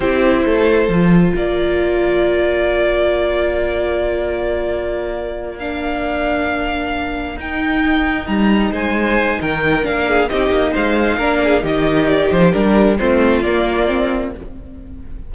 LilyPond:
<<
  \new Staff \with { instrumentName = "violin" } { \time 4/4 \tempo 4 = 134 c''2. d''4~ | d''1~ | d''1~ | d''8 f''2.~ f''8~ |
f''8 g''2 ais''4 gis''8~ | gis''4 g''4 f''4 dis''4 | f''2 dis''4 d''8 c''8 | ais'4 c''4 d''2 | }
  \new Staff \with { instrumentName = "violin" } { \time 4/4 g'4 a'2 ais'4~ | ais'1~ | ais'1~ | ais'1~ |
ais'2.~ ais'8 c''8~ | c''4 ais'4. gis'8 g'4 | c''4 ais'8 gis'8 g'2~ | g'4 f'2. | }
  \new Staff \with { instrumentName = "viola" } { \time 4/4 e'2 f'2~ | f'1~ | f'1~ | f'8 d'2.~ d'8~ |
d'8 dis'2.~ dis'8~ | dis'2 d'4 dis'4~ | dis'4 d'4 dis'2 | d'4 c'4 ais4 c'4 | }
  \new Staff \with { instrumentName = "cello" } { \time 4/4 c'4 a4 f4 ais4~ | ais1~ | ais1~ | ais1~ |
ais8 dis'2 g4 gis8~ | gis4 dis4 ais4 c'8 ais8 | gis4 ais4 dis4. f8 | g4 a4 ais2 | }
>>